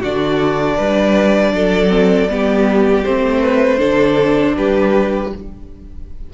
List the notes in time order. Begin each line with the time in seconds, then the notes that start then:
0.00 D3 D4 F#4 D5
0.76 G3 B4
1.52 F#3 A4
1.88 C4
2.27 G3 B3 G4
3.04 A3 C4 C5
3.41 B4
3.77 D3 D4 A4
4.57 G3 G4 B4